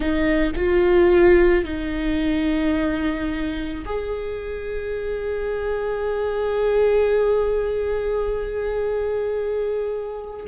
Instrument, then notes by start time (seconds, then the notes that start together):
viola
0.00 D#4
0.55 F4
1.64 D#4
3.85 G#4